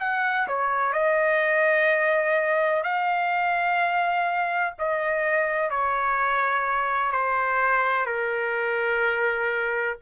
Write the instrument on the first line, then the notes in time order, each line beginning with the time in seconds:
trumpet
0.00 F#5
0.48 C#5
0.93 D#5
2.84 F5
4.79 D#5
5.71 C#5
7.12 C5
8.06 A#4